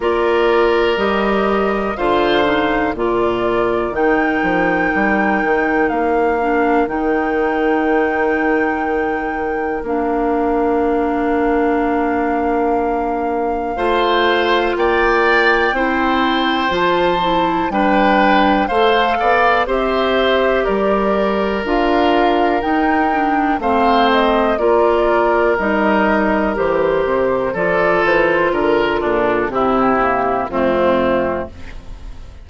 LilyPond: <<
  \new Staff \with { instrumentName = "flute" } { \time 4/4 \tempo 4 = 61 d''4 dis''4 f''4 d''4 | g''2 f''4 g''4~ | g''2 f''2~ | f''2. g''4~ |
g''4 a''4 g''4 f''4 | e''4 d''4 f''4 g''4 | f''8 dis''8 d''4 dis''4 c''4 | d''8 c''8 ais'8 a'8 g'4 f'4 | }
  \new Staff \with { instrumentName = "oboe" } { \time 4/4 ais'2 c''4 ais'4~ | ais'1~ | ais'1~ | ais'2 c''4 d''4 |
c''2 b'4 c''8 d''8 | c''4 ais'2. | c''4 ais'2. | a'4 ais'8 d'8 e'4 c'4 | }
  \new Staff \with { instrumentName = "clarinet" } { \time 4/4 f'4 g'4 f'8 dis'8 f'4 | dis'2~ dis'8 d'8 dis'4~ | dis'2 d'2~ | d'2 f'2 |
e'4 f'8 e'8 d'4 a'4 | g'2 f'4 dis'8 d'8 | c'4 f'4 dis'4 g'4 | f'2 c'8 ais8 a4 | }
  \new Staff \with { instrumentName = "bassoon" } { \time 4/4 ais4 g4 d4 ais,4 | dis8 f8 g8 dis8 ais4 dis4~ | dis2 ais2~ | ais2 a4 ais4 |
c'4 f4 g4 a8 b8 | c'4 g4 d'4 dis'4 | a4 ais4 g4 e8 c8 | f8 e8 d8 ais,8 c4 f,4 | }
>>